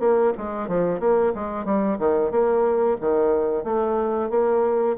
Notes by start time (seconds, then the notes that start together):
0.00 A#3
0.38 G#3
0.68 F3
1.00 A#3
1.35 G#3
1.65 G3
1.99 D#3
2.31 A#3
3.01 D#3
3.64 A3
4.30 A#3